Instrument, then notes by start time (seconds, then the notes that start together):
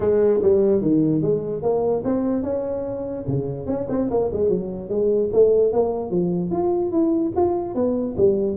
tuba
0.00 G#3
0.42 G3
0.81 D#3
1.21 G#3
1.62 A#3
2.04 C4
2.42 C#4
3.27 C#3
3.66 C#4
3.89 C4
4.10 A#3
4.32 G#3
4.49 F#3
4.89 G#3
5.32 A3
5.72 A#3
6.10 F3
6.50 F4
6.91 E4
7.35 F4
7.74 B3
8.17 G3